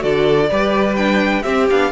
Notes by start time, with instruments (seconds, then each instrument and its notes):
0.00 cello D3, viola F#4, violin A4 D5
0.50 cello G3, viola G4, violin B4
0.96 viola D4, violin G5
1.43 viola C4, cello C4, violin G4 E5
1.70 cello B3, viola D4, violin F5